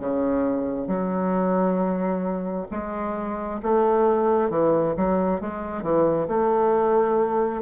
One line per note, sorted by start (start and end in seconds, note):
0.00 0.88 C#3
0.88 2.67 F#3
2.71 3.61 G#3
3.63 4.50 A3
4.50 4.95 E3
4.97 5.41 F#3
5.41 5.83 G#3
5.83 6.28 E3
6.28 7.62 A3